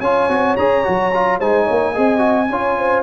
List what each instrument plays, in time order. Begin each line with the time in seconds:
0.00 tuba C#4, trombone F4, horn C#5, trumpet G#5
0.28 tuba C4, trombone F#4
0.56 tuba C#4, trombone G#4, trumpet A#5
0.84 tuba F#3, trombone F#4
1.13 trombone F4
1.38 tuba G#3, trombone D#4, horn C5, trumpet G#5
1.64 tuba A#3, horn C#5
1.92 tuba C4, trombone G#4, horn D#5
2.18 trombone F#4
2.49 tuba C#4, trombone F4, horn C#5
2.77 horn C5